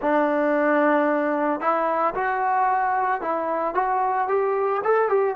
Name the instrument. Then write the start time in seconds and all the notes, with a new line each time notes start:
trombone
0.01 D4
1.60 E4
2.14 F#4
3.21 E4
3.74 F#4
4.28 G4
4.84 A4
5.08 G4